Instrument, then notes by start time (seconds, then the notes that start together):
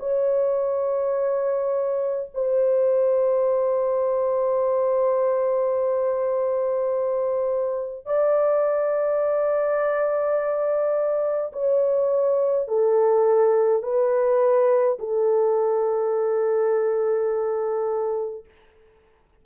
horn
0.00 C#5
2.34 C5
8.06 D5
11.53 C#5
12.68 A4
13.83 B4
14.99 A4